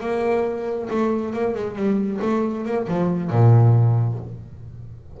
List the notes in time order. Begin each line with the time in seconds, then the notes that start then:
0.00 A#3
0.90 A3
1.33 A#3
1.54 G#3
1.75 G3
2.21 A3
2.65 A#3
2.88 F3
3.30 A#2